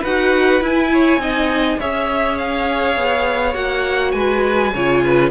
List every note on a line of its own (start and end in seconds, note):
0.00 0.61 D#4
0.00 0.88 B4
0.00 0.63 F#5
0.06 0.61 F#4
0.61 1.17 E4
0.61 1.20 E4
0.61 1.80 G#5
0.93 1.21 C#5
1.17 1.76 C4
1.17 1.79 D#4
1.17 1.80 D#5
1.80 2.96 C#4
1.80 3.54 G#4
1.80 4.15 C#5
1.80 2.38 E5
2.38 3.55 F5
2.96 3.55 B3
3.54 4.14 A#3
3.54 4.72 F#4
3.54 4.12 F#5
4.12 4.72 G#3
4.12 4.73 B4
4.12 5.29 G#5
4.74 5.31 C#3
4.74 5.31 F4
4.74 5.04 C#5
5.04 5.31 B4